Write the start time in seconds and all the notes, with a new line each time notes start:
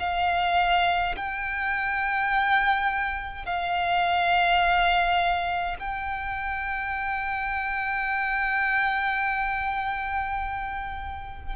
0.00 F5
1.16 G5
3.46 F5
5.80 G5